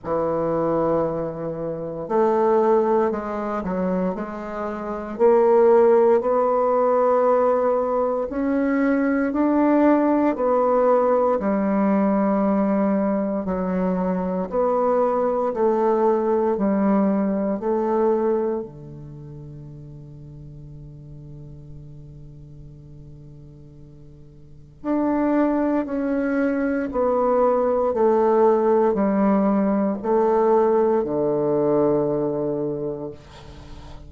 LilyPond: \new Staff \with { instrumentName = "bassoon" } { \time 4/4 \tempo 4 = 58 e2 a4 gis8 fis8 | gis4 ais4 b2 | cis'4 d'4 b4 g4~ | g4 fis4 b4 a4 |
g4 a4 d2~ | d1 | d'4 cis'4 b4 a4 | g4 a4 d2 | }